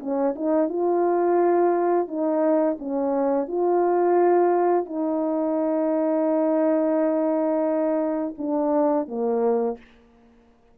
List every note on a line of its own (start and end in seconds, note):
0.00 0.35 C#4
0.36 0.69 D#4
0.69 2.08 F4
2.08 2.78 D#4
2.80 3.48 C#4
3.48 4.86 F4
4.86 8.35 D#4
8.38 9.08 D4
9.08 9.78 A#3